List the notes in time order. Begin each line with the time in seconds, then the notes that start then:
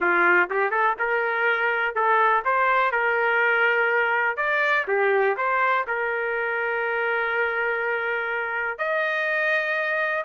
0.00 F4
0.50 G4
0.71 A4
0.98 A#4
1.95 A4
2.45 C5
2.91 A#4
4.36 D5
4.87 G4
5.37 C5
5.87 A#4
8.78 D#5